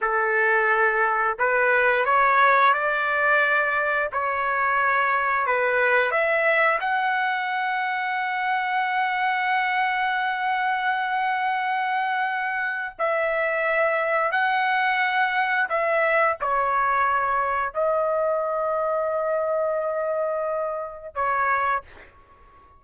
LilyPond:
\new Staff \with { instrumentName = "trumpet" } { \time 4/4 \tempo 4 = 88 a'2 b'4 cis''4 | d''2 cis''2 | b'4 e''4 fis''2~ | fis''1~ |
fis''2. e''4~ | e''4 fis''2 e''4 | cis''2 dis''2~ | dis''2. cis''4 | }